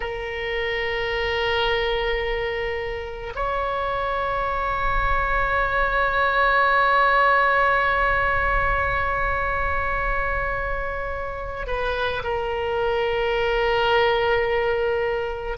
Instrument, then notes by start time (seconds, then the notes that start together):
oboe
0.00 A#4
3.35 C#5
11.67 B4
12.23 A#4